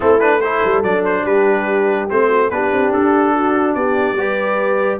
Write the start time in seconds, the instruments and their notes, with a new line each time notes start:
0.00 tuba A3, trombone C4, horn E4, trumpet A4
0.20 trombone D4, trumpet B4
0.40 trombone E4, horn A4, trumpet C5
0.65 tuba G3
0.83 tuba F#3, trombone D4, trumpet D5
1.05 trumpet C5
1.23 tuba G3, horn G4, trumpet B4
2.09 tuba A3, trombone C4, trumpet C5
2.28 horn F#4
2.50 tuba B3, trombone D4, horn G4, trumpet B4
2.72 tuba C4
2.93 tuba D4, trumpet A4
3.34 horn F#4
3.74 tuba B3, horn G4, trumpet D5
4.12 tuba G3, trombone G4
4.18 horn B4